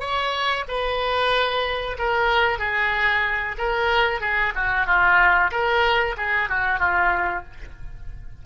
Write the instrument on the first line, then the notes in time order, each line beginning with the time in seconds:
oboe
0.00 C#5
0.68 B4
1.98 A#4
2.59 G#4
3.58 A#4
4.21 G#4
4.55 F#4
4.87 F4
5.51 A#4
6.17 G#4
6.49 F#4
6.79 F4